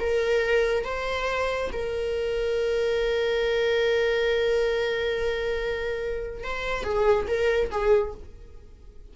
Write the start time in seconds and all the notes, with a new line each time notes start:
0.00 A#4
0.85 C5
1.73 A#4
6.44 C5
6.84 G#4
7.28 A#4
7.71 G#4